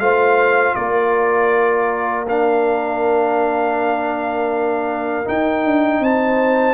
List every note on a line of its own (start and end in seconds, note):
0.00 0.75 A3
0.00 2.27 F4
0.00 0.76 C5
0.00 0.75 F5
0.75 5.26 A#3
0.75 6.01 A#4
0.75 2.25 D5
2.29 5.25 D4
2.29 5.29 F5
5.25 6.75 D#4
5.25 5.65 D#4
5.25 6.04 G5
5.65 6.00 D4
6.00 6.75 C4
6.00 6.75 C5
6.00 6.75 A5